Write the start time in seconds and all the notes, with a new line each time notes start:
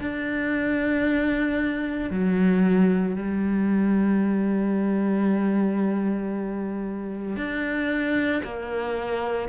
0.00 D4
2.11 F#3
3.15 G3
7.36 D4
8.44 A#3